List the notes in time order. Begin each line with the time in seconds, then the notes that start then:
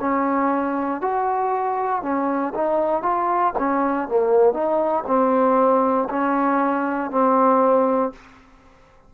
0.00 C#4
1.01 F#4
2.02 C#4
2.55 D#4
3.02 F4
3.58 C#4
4.08 A#3
4.53 D#4
5.07 C4
6.10 C#4
7.11 C4